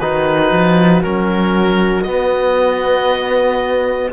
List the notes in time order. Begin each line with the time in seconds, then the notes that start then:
0.00 D#3 D#4 F#4 B4
0.52 F3
1.03 F#3 C#4 A#4
2.03 B3 D#5